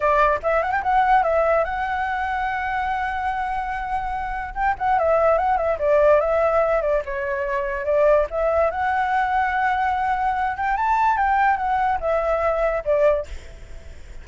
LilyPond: \new Staff \with { instrumentName = "flute" } { \time 4/4 \tempo 4 = 145 d''4 e''8 fis''16 g''16 fis''4 e''4 | fis''1~ | fis''2. g''8 fis''8 | e''4 fis''8 e''8 d''4 e''4~ |
e''8 d''8 cis''2 d''4 | e''4 fis''2.~ | fis''4. g''8 a''4 g''4 | fis''4 e''2 d''4 | }